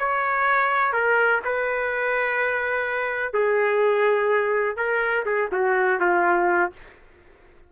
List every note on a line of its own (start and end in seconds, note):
0.00 0.94 C#5
0.94 1.42 A#4
1.45 3.34 B4
3.34 4.77 G#4
4.77 5.25 A#4
5.26 5.50 G#4
5.53 6.00 F#4
6.00 6.72 F4